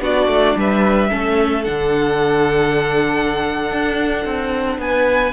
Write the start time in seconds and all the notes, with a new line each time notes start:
0.00 B3 D4 F#4 D5
0.27 A3
0.56 G3 B4 E5
1.10 A3 C#4 A4
1.64 D3 D4 F#5
3.71 D4
4.25 C4
4.78 B3 B4 G#5